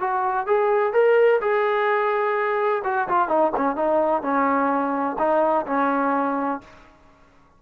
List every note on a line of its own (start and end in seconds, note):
0.00 0.47 F#4
0.47 0.93 G#4
0.93 1.40 A#4
1.41 2.83 G#4
2.85 3.08 F#4
3.08 3.28 F4
3.28 3.52 D#4
3.57 3.76 C#4
3.76 4.22 D#4
4.22 5.17 C#4
5.19 5.66 D#4
5.67 6.61 C#4